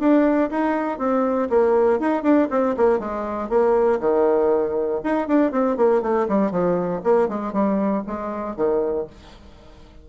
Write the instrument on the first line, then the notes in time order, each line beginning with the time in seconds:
bassoon
0.00 D4
0.51 D#4
0.99 C4
1.50 A#3
2.00 D#4
2.23 D4
2.51 C4
2.77 A#3
3.00 G#3
3.50 A#3
4.01 D#3
5.04 D#4
5.28 D4
5.52 C4
5.77 A#3
6.02 A3
6.29 G3
6.52 F3
7.04 A#3
7.29 G#3
7.53 G3
8.07 G#3
8.57 D#3